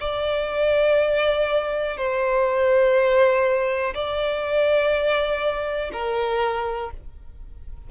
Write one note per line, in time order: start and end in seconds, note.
0.00 1.97 D5
1.97 3.93 C5
3.93 5.90 D5
5.92 6.90 A#4